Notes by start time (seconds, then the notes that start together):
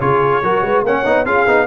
0.00 C#3 F4 G#4 C#5
0.42 F#3 F#4 A#4
0.61 G#3 B4
0.83 A#3 C#4 C#5 F#5
1.04 B3 D#4
1.25 C#4 F4 G#4 F5
1.47 B3 D#4